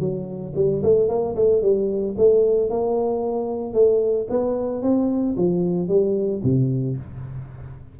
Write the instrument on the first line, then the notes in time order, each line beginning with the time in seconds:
tuba
0.00 F#3
0.56 G3
0.83 A3
1.09 A#3
1.36 A3
1.62 G3
2.17 A3
2.70 A#3
3.74 A3
4.30 B3
4.82 C4
5.37 F3
5.89 G3
6.44 C3